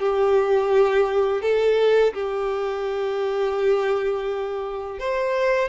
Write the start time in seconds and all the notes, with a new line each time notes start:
0.00 G4
1.42 A4
2.14 G4
4.99 C5